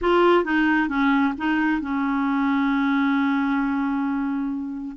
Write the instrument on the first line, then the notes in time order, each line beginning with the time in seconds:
clarinet
0.01 F4
0.44 D#4
0.88 C#4
1.37 D#4
1.81 C#4